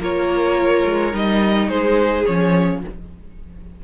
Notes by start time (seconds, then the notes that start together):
0.00 A#3 F4 A#4 C#5
0.85 G#3
1.12 G3 D#4 D#5
1.68 G#3 G#4 C5
2.26 F3 C#4 C#5